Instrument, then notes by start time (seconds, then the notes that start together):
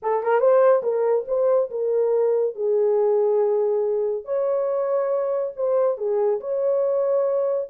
horn
0.02 A4
0.23 A#4
0.40 C5
0.83 A#4
1.27 C5
1.70 A#4
2.55 G#4
4.24 C#5
5.56 C5
5.97 G#4
6.40 C#5